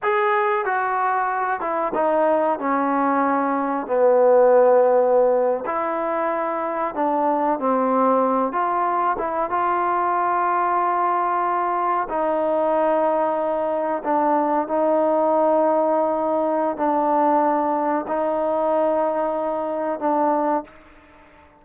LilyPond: \new Staff \with { instrumentName = "trombone" } { \time 4/4 \tempo 4 = 93 gis'4 fis'4. e'8 dis'4 | cis'2 b2~ | b8. e'2 d'4 c'16~ | c'4~ c'16 f'4 e'8 f'4~ f'16~ |
f'2~ f'8. dis'4~ dis'16~ | dis'4.~ dis'16 d'4 dis'4~ dis'16~ | dis'2 d'2 | dis'2. d'4 | }